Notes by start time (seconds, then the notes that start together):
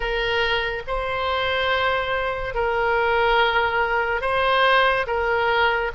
0.00 A#4
0.87 C5
2.54 A#4
4.21 C5
5.06 A#4